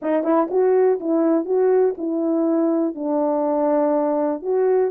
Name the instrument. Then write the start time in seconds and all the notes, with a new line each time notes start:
horn
0.02 D#4
0.23 E4
0.50 F#4
0.99 E4
1.45 F#4
1.97 E4
2.94 D4
4.42 F#4